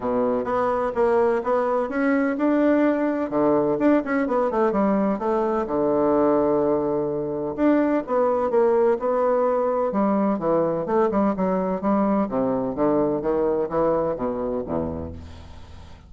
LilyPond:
\new Staff \with { instrumentName = "bassoon" } { \time 4/4 \tempo 4 = 127 b,4 b4 ais4 b4 | cis'4 d'2 d4 | d'8 cis'8 b8 a8 g4 a4 | d1 |
d'4 b4 ais4 b4~ | b4 g4 e4 a8 g8 | fis4 g4 c4 d4 | dis4 e4 b,4 e,4 | }